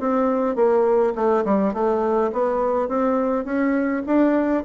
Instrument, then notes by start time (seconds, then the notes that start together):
bassoon
0.00 C4
0.56 A#3
1.15 A3
1.45 G3
1.74 A3
2.32 B3
2.88 C4
3.45 C#4
4.06 D4